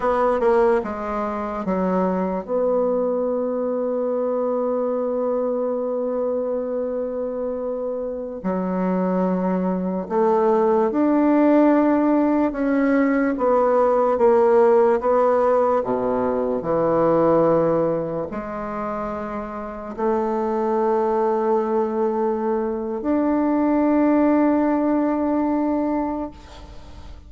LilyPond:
\new Staff \with { instrumentName = "bassoon" } { \time 4/4 \tempo 4 = 73 b8 ais8 gis4 fis4 b4~ | b1~ | b2~ b16 fis4.~ fis16~ | fis16 a4 d'2 cis'8.~ |
cis'16 b4 ais4 b4 b,8.~ | b,16 e2 gis4.~ gis16~ | gis16 a2.~ a8. | d'1 | }